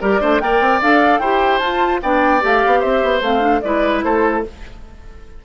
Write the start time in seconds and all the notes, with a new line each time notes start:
0.00 G3 G4 A#4 D5
0.20 A3 D4 C5
0.40 A#3 A#4 D5 G5
0.60 C4
0.81 D4 A4 F5
1.18 E4 G4 C5 G5
1.58 F4 A5
2.02 B3 D4 D5 G5
2.40 A3 G4 F5
2.65 B3
2.80 C4 C5 E5
3.02 B3
3.20 A3 C4 F5
3.39 D4
3.61 G#3 E4 B4 D5
4.03 A3 A4 C5